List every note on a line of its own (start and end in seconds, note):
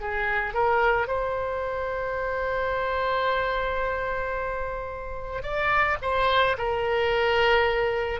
0.00 0.54 G#4
0.54 1.07 A#4
1.07 5.42 C5
5.42 5.97 D5
6.01 6.56 C5
6.58 8.20 A#4